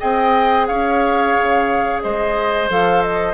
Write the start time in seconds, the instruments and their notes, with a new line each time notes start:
0.00 bassoon C4, clarinet G#4, oboe D#5, flute G5
0.67 bassoon C#4, oboe C#5, flute F5
1.37 bassoon C#3
2.03 bassoon G#3, oboe C5, flute D#5
2.70 bassoon F3, clarinet A4, flute F5
3.03 flute D#5